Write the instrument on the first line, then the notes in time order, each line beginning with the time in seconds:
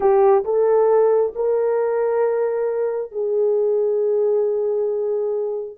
horn
0.00 G4
0.44 A4
1.35 A#4
3.11 G#4